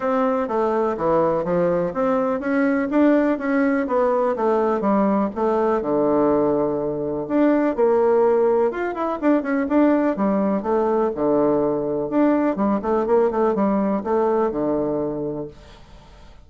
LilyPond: \new Staff \with { instrumentName = "bassoon" } { \time 4/4 \tempo 4 = 124 c'4 a4 e4 f4 | c'4 cis'4 d'4 cis'4 | b4 a4 g4 a4 | d2. d'4 |
ais2 f'8 e'8 d'8 cis'8 | d'4 g4 a4 d4~ | d4 d'4 g8 a8 ais8 a8 | g4 a4 d2 | }